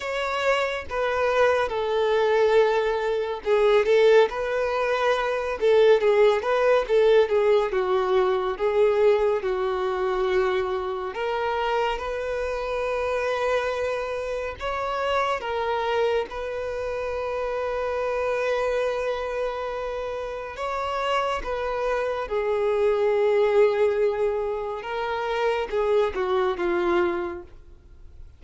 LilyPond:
\new Staff \with { instrumentName = "violin" } { \time 4/4 \tempo 4 = 70 cis''4 b'4 a'2 | gis'8 a'8 b'4. a'8 gis'8 b'8 | a'8 gis'8 fis'4 gis'4 fis'4~ | fis'4 ais'4 b'2~ |
b'4 cis''4 ais'4 b'4~ | b'1 | cis''4 b'4 gis'2~ | gis'4 ais'4 gis'8 fis'8 f'4 | }